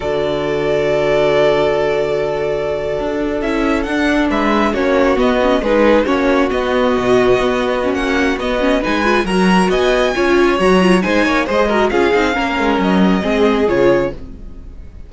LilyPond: <<
  \new Staff \with { instrumentName = "violin" } { \time 4/4 \tempo 4 = 136 d''1~ | d''2.~ d''8. e''16~ | e''8. fis''4 e''4 cis''4 dis''16~ | dis''8. b'4 cis''4 dis''4~ dis''16~ |
dis''2 fis''4 dis''4 | gis''4 ais''4 gis''2 | ais''4 gis''4 dis''4 f''4~ | f''4 dis''2 cis''4 | }
  \new Staff \with { instrumentName = "violin" } { \time 4/4 a'1~ | a'1~ | a'4.~ a'16 b'4 fis'4~ fis'16~ | fis'8. gis'4 fis'2~ fis'16~ |
fis'1 | b'4 ais'4 dis''4 cis''4~ | cis''4 c''8 cis''8 c''8 ais'8 gis'4 | ais'2 gis'2 | }
  \new Staff \with { instrumentName = "viola" } { \time 4/4 fis'1~ | fis'2.~ fis'8. e'16~ | e'8. d'2 cis'4 b16~ | b16 cis'8 dis'4 cis'4 b4~ b16~ |
b4.~ b16 cis'4~ cis'16 b8 cis'8 | dis'8 f'8 fis'2 f'4 | fis'8 f'8 dis'4 gis'8 fis'8 f'8 dis'8 | cis'2 c'4 f'4 | }
  \new Staff \with { instrumentName = "cello" } { \time 4/4 d1~ | d2~ d8. d'4 cis'16~ | cis'8. d'4 gis4 ais4 b16~ | b8. gis4 ais4 b4 b,16~ |
b,8. b4~ b16 ais4 b4 | gis4 fis4 b4 cis'4 | fis4 gis8 ais8 gis4 cis'8 c'8 | ais8 gis8 fis4 gis4 cis4 | }
>>